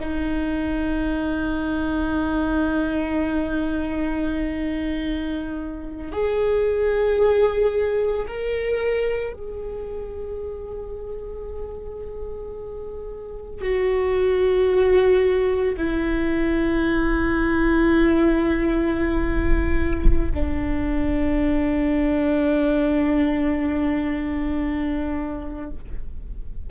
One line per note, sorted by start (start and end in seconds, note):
0.00 6.12 D#4
6.12 8.26 G#4
8.27 9.33 A#4
9.33 13.61 G#4
13.61 15.75 F#4
15.77 20.32 E4
20.34 25.70 D4